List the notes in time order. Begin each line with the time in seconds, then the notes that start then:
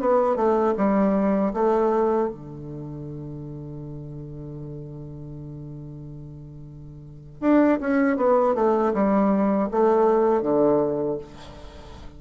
0.00 B3
0.36 A3
0.77 G3
1.54 A3
2.29 D3
7.41 D4
7.80 C#4
8.17 B3
8.55 A3
8.93 G3
9.71 A3
10.42 D3